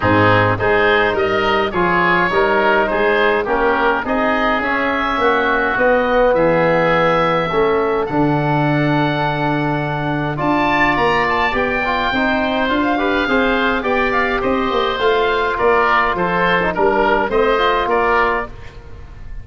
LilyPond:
<<
  \new Staff \with { instrumentName = "oboe" } { \time 4/4 \tempo 4 = 104 gis'4 c''4 dis''4 cis''4~ | cis''4 c''4 ais'4 dis''4 | e''2 dis''4 e''4~ | e''2 fis''2~ |
fis''2 a''4 ais''8 a''8 | g''2 f''2 | g''8 f''8 dis''4 f''4 d''4 | c''4 ais'4 dis''4 d''4 | }
  \new Staff \with { instrumentName = "oboe" } { \time 4/4 dis'4 gis'4 ais'4 gis'4 | ais'4 gis'4 g'4 gis'4~ | gis'4 fis'2 gis'4~ | gis'4 a'2.~ |
a'2 d''2~ | d''4 c''4. b'8 c''4 | d''4 c''2 ais'4 | a'4 ais'4 c''4 ais'4 | }
  \new Staff \with { instrumentName = "trombone" } { \time 4/4 c'4 dis'2 f'4 | dis'2 cis'4 dis'4 | cis'2 b2~ | b4 cis'4 d'2~ |
d'2 f'2 | g'8 f'8 dis'4 f'8 g'8 gis'4 | g'2 f'2~ | f'8. dis'16 d'4 c'8 f'4. | }
  \new Staff \with { instrumentName = "tuba" } { \time 4/4 gis,4 gis4 g4 f4 | g4 gis4 ais4 c'4 | cis'4 ais4 b4 e4~ | e4 a4 d2~ |
d2 d'4 ais4 | b4 c'4 d'4 c'4 | b4 c'8 ais8 a4 ais4 | f4 g4 a4 ais4 | }
>>